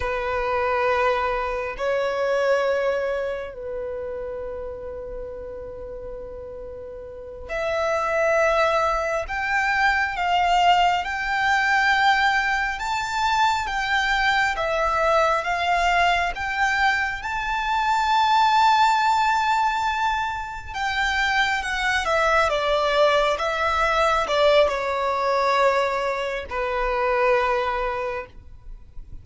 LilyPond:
\new Staff \with { instrumentName = "violin" } { \time 4/4 \tempo 4 = 68 b'2 cis''2 | b'1~ | b'8 e''2 g''4 f''8~ | f''8 g''2 a''4 g''8~ |
g''8 e''4 f''4 g''4 a''8~ | a''2.~ a''8 g''8~ | g''8 fis''8 e''8 d''4 e''4 d''8 | cis''2 b'2 | }